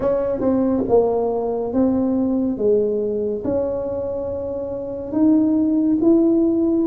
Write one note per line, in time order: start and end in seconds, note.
0.00 0.40 C#4
0.40 0.83 C4
0.88 1.73 A#3
1.73 2.57 C4
2.57 3.43 G#3
3.44 5.12 C#4
5.12 5.98 D#4
6.01 6.86 E4